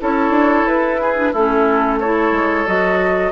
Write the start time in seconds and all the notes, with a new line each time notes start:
0.00 C#4 E4 A4 C#5
0.30 D4
0.66 E4 B4
1.01 G#4
1.16 D4
1.32 A3 C#4 E4 A4
2.00 E4 A4 C#5
2.32 G#3
2.66 F#3 F#4 D#5